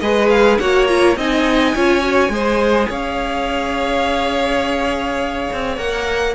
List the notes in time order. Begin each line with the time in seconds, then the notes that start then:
0.00 G#3 G#4 B4 D#5
0.29 F5
0.58 A#3 F#4 C#5 F#5
0.87 F4 A#5
1.17 C4 D#4 D#5 G#5
1.75 C#4 F4 C#5
2.01 F#4
2.29 G#3 G#4 C5
2.89 C#4 C#5 F5
5.53 C4
5.78 A#3 A#4 F#5